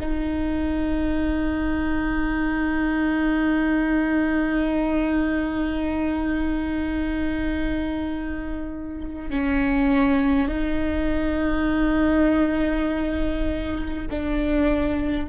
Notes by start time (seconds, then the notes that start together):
0.00 D#4
9.30 C#4
10.48 D#4
14.11 D4